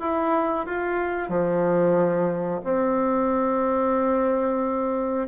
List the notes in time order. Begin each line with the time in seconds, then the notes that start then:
0.00 E4
0.66 F4
1.29 F3
2.64 C4